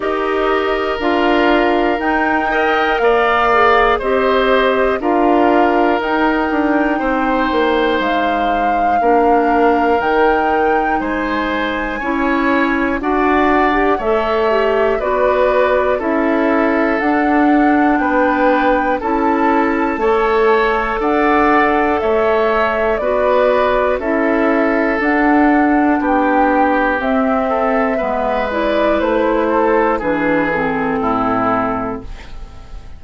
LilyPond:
<<
  \new Staff \with { instrumentName = "flute" } { \time 4/4 \tempo 4 = 60 dis''4 f''4 g''4 f''4 | dis''4 f''4 g''2 | f''2 g''4 gis''4~ | gis''4 fis''4 e''4 d''4 |
e''4 fis''4 g''4 a''4~ | a''4 fis''4 e''4 d''4 | e''4 fis''4 g''4 e''4~ | e''8 d''8 c''4 b'8 a'4. | }
  \new Staff \with { instrumentName = "oboe" } { \time 4/4 ais'2~ ais'8 dis''8 d''4 | c''4 ais'2 c''4~ | c''4 ais'2 c''4 | cis''4 d''4 cis''4 b'4 |
a'2 b'4 a'4 | cis''4 d''4 cis''4 b'4 | a'2 g'4. a'8 | b'4. a'8 gis'4 e'4 | }
  \new Staff \with { instrumentName = "clarinet" } { \time 4/4 g'4 f'4 dis'8 ais'4 gis'8 | g'4 f'4 dis'2~ | dis'4 d'4 dis'2 | e'4 fis'8. g'16 a'8 g'8 fis'4 |
e'4 d'2 e'4 | a'2. fis'4 | e'4 d'2 c'4 | b8 e'4. d'8 c'4. | }
  \new Staff \with { instrumentName = "bassoon" } { \time 4/4 dis'4 d'4 dis'4 ais4 | c'4 d'4 dis'8 d'8 c'8 ais8 | gis4 ais4 dis4 gis4 | cis'4 d'4 a4 b4 |
cis'4 d'4 b4 cis'4 | a4 d'4 a4 b4 | cis'4 d'4 b4 c'4 | gis4 a4 e4 a,4 | }
>>